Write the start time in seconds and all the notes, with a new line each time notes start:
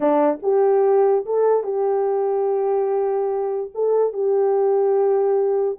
0.00 D4
0.42 G4
1.25 A4
1.63 G4
3.74 A4
4.13 G4